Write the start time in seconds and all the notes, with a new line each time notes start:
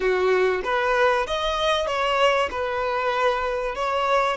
0.00 F#4
0.63 B4
1.26 D#5
1.86 C#5
2.50 B4
3.75 C#5